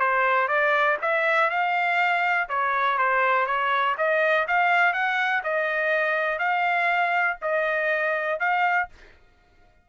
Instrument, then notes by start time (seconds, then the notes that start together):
trumpet
0.00 C5
0.48 D5
1.02 E5
1.50 F5
2.49 C#5
2.98 C5
3.47 C#5
3.98 D#5
4.48 F5
4.94 F#5
5.44 D#5
6.39 F5
7.42 D#5
8.40 F5